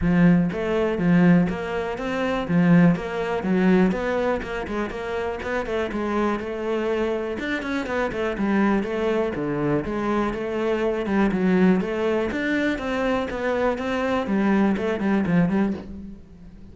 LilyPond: \new Staff \with { instrumentName = "cello" } { \time 4/4 \tempo 4 = 122 f4 a4 f4 ais4 | c'4 f4 ais4 fis4 | b4 ais8 gis8 ais4 b8 a8 | gis4 a2 d'8 cis'8 |
b8 a8 g4 a4 d4 | gis4 a4. g8 fis4 | a4 d'4 c'4 b4 | c'4 g4 a8 g8 f8 g8 | }